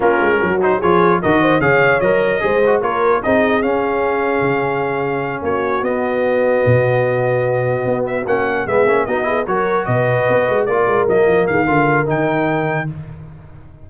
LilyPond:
<<
  \new Staff \with { instrumentName = "trumpet" } { \time 4/4 \tempo 4 = 149 ais'4. c''8 cis''4 dis''4 | f''4 dis''2 cis''4 | dis''4 f''2.~ | f''4. cis''4 dis''4.~ |
dis''1 | e''8 fis''4 e''4 dis''4 cis''8~ | cis''8 dis''2 d''4 dis''8~ | dis''8 f''4. g''2 | }
  \new Staff \with { instrumentName = "horn" } { \time 4/4 f'4 fis'4 gis'4 ais'8 c''8 | cis''2 c''4 ais'4 | gis'1~ | gis'4. fis'2~ fis'8~ |
fis'1~ | fis'4. gis'4 fis'8 gis'8 ais'8~ | ais'8 b'2 ais'4.~ | ais'8 gis'8 ais'2. | }
  \new Staff \with { instrumentName = "trombone" } { \time 4/4 cis'4. dis'8 f'4 fis'4 | gis'4 ais'4 gis'8 fis'8 f'4 | dis'4 cis'2.~ | cis'2~ cis'8 b4.~ |
b1~ | b8 cis'4 b8 cis'8 dis'8 e'8 fis'8~ | fis'2~ fis'8 f'4 ais8~ | ais4 f'4 dis'2 | }
  \new Staff \with { instrumentName = "tuba" } { \time 4/4 ais8 gis8 fis4 f4 dis4 | cis4 fis4 gis4 ais4 | c'4 cis'2 cis4~ | cis4. ais4 b4.~ |
b8 b,2. b8~ | b8 ais4 gis8 ais8 b4 fis8~ | fis8 b,4 b8 gis8 ais8 gis8 fis8 | f8 dis8 d4 dis2 | }
>>